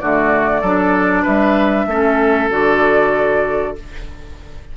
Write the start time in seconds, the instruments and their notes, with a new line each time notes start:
0.00 bassoon D3, clarinet A3, oboe F#4, flute D5
0.61 bassoon F#3, clarinet D4, oboe A4
1.23 bassoon G3, oboe B4, flute E5
1.87 bassoon A3, clarinet C#4, oboe A4
2.50 bassoon D3, clarinet F#4, flute D5